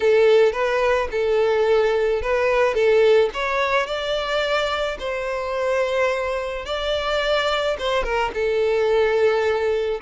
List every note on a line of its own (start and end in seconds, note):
0.00 0.52 A4
0.52 1.08 B4
1.11 2.21 A4
2.21 2.74 B4
2.74 3.29 A4
3.33 3.86 C#5
3.86 4.97 D5
4.99 6.65 C5
6.65 7.76 D5
7.79 8.03 C5
8.03 8.31 A#4
8.34 10.00 A4